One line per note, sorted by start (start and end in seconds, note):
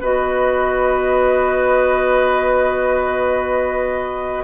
0.00 4.43 B3
0.00 4.43 F#4
0.00 4.43 B4
0.00 4.43 D#5